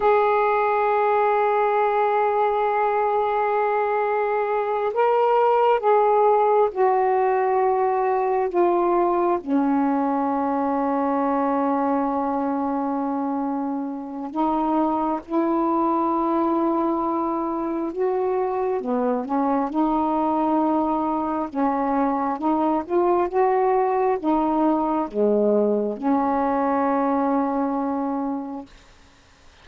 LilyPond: \new Staff \with { instrumentName = "saxophone" } { \time 4/4 \tempo 4 = 67 gis'1~ | gis'4. ais'4 gis'4 fis'8~ | fis'4. f'4 cis'4.~ | cis'1 |
dis'4 e'2. | fis'4 b8 cis'8 dis'2 | cis'4 dis'8 f'8 fis'4 dis'4 | gis4 cis'2. | }